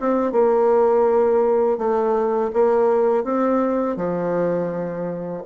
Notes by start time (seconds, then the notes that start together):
0.00 C4
0.32 A#3
1.78 A3
2.53 A#3
3.24 C4
3.96 F3